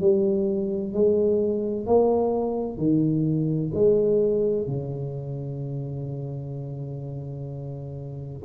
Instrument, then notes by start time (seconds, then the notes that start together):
tuba
0.00 G3
0.93 G#3
1.86 A#3
2.77 D#3
3.73 G#3
4.67 C#3